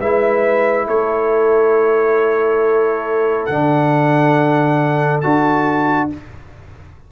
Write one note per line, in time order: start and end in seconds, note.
0.00 0.87 G#3
0.00 3.50 E4
0.00 0.87 B4
0.00 0.88 E5
0.87 3.48 A3
0.87 6.09 A4
0.87 3.46 C#5
3.46 5.23 D3
3.46 5.23 D4
3.46 5.20 F#5
5.21 6.12 D4
5.21 6.10 F#4
5.21 6.08 A5